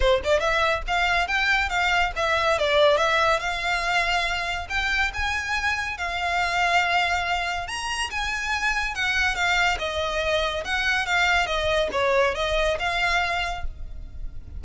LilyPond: \new Staff \with { instrumentName = "violin" } { \time 4/4 \tempo 4 = 141 c''8 d''8 e''4 f''4 g''4 | f''4 e''4 d''4 e''4 | f''2. g''4 | gis''2 f''2~ |
f''2 ais''4 gis''4~ | gis''4 fis''4 f''4 dis''4~ | dis''4 fis''4 f''4 dis''4 | cis''4 dis''4 f''2 | }